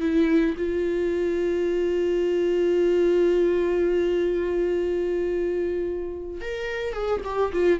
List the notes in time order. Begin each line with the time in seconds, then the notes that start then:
0.00 E4
0.58 F4
6.41 A#4
6.93 G#4
7.24 G4
7.53 F4